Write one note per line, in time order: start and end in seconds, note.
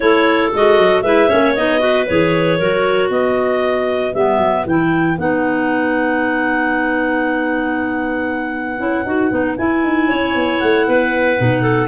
0.00 0.53 A3
0.00 0.51 E4
0.00 1.03 A4
0.00 0.51 C#5
0.53 0.78 G#3
0.53 1.05 F#4
0.53 1.02 D#5
0.78 1.02 F#3
1.02 1.28 G#3
1.02 1.28 E4
1.02 1.28 B4
1.02 1.53 E5
1.28 1.56 A#3
1.28 1.54 C#4
1.28 1.80 C#5
1.54 2.08 B3
1.54 1.78 D#4
1.54 2.06 D#5
1.78 2.04 F#4
1.78 2.58 B4
2.06 2.60 E3
2.06 2.60 G#4
2.06 3.10 C#5
2.58 3.09 F#3
2.58 4.15 F#4
2.58 3.10 A#4
3.09 4.12 B3
3.09 10.08 B4
3.09 4.14 D#5
4.14 4.38 G3
4.14 4.66 B3
4.14 4.65 E5
4.38 4.64 F#3
4.66 5.17 E3
4.66 5.17 E4
4.66 5.18 G5
5.17 8.80 B3
5.17 8.78 D#4
5.17 9.57 F#5
8.78 9.05 C#4
8.78 9.04 E4
9.05 9.31 D#4
9.05 9.30 F#4
9.30 9.57 B3
9.30 9.56 D#4
9.57 11.37 E4
9.57 9.84 E4
9.57 10.59 G#5
9.84 10.09 D#4
10.08 10.34 C#4
10.08 10.86 C#5
10.34 10.60 B3
10.59 10.87 A3
10.59 11.87 F#5
10.87 11.38 B3
10.87 11.61 B4
11.37 11.87 B2
11.37 11.87 D#4
11.61 11.87 A4